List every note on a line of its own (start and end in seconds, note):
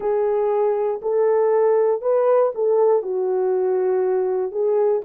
0.00 1.00 G#4
1.02 2.01 A4
2.01 2.52 B4
2.55 3.02 A4
3.02 4.51 F#4
4.51 5.02 G#4